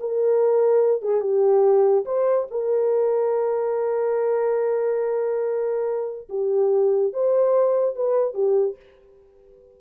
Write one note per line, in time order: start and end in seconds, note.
0.00 1.02 A#4
1.02 1.21 G#4
1.21 2.05 G4
2.05 2.47 C5
2.51 6.28 A#4
6.29 7.13 G4
7.13 7.96 C5
7.96 8.34 B4
8.34 8.76 G4